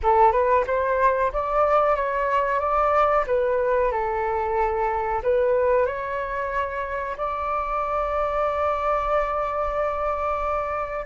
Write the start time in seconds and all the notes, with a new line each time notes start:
0.02 A4
0.31 B4
0.66 C5
1.32 D5
1.95 C#5
2.59 D5
3.26 B4
3.91 A4
5.22 B4
5.85 C#5
7.17 D5